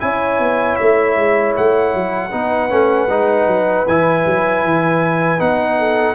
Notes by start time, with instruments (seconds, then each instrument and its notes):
0.00 tuba C#4, trombone E4, horn C#5, trumpet G#5
0.40 tuba B3
0.76 tuba A3, trumpet E5
1.17 tuba G#3
1.57 tuba A3, trumpet F#5
1.95 tuba F#3
2.31 tuba B3, trombone D#4, horn B4
2.70 tuba A3, trombone C#4
3.10 tuba G#3, trombone D#4
3.47 tuba F#3
3.87 tuba E3, trombone E4, trumpet G#5
4.26 tuba F#3
4.64 tuba E3
5.39 tuba B3, trombone D#4, trumpet F#5
5.79 horn A4